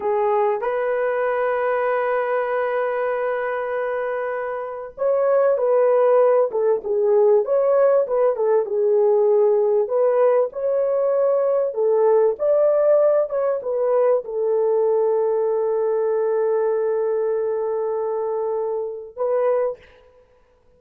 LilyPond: \new Staff \with { instrumentName = "horn" } { \time 4/4 \tempo 4 = 97 gis'4 b'2.~ | b'1 | cis''4 b'4. a'8 gis'4 | cis''4 b'8 a'8 gis'2 |
b'4 cis''2 a'4 | d''4. cis''8 b'4 a'4~ | a'1~ | a'2. b'4 | }